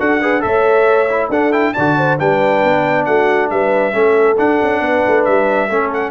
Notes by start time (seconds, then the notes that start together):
0.00 D4 F#4 A4 F#5
0.21 G#4 B4
0.41 A3 A4 C#5 E5
1.10 E4
1.30 D4 A4 F#5
1.52 E4 G5
1.74 D3 F#4 D5 A5
1.98 C5
2.19 G3 D4 B4 G5
2.64 B3
3.06 A3 F#4 F#5
3.51 G3 B4 E5
3.93 A3 C#4 A4
4.38 D4 F#5
4.63 C#4
4.81 B3 B4
5.08 A3
5.25 G3 E5
5.69 A3 C#4 A4
5.94 F#5